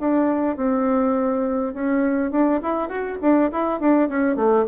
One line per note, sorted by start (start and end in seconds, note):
0.00 0.56 D4
0.56 1.74 C4
1.74 2.31 C#4
2.31 2.61 D4
2.63 2.89 E4
2.89 3.18 F#4
3.21 3.51 D4
3.52 3.80 E4
3.80 4.09 D4
4.09 4.36 C#4
4.36 4.66 A3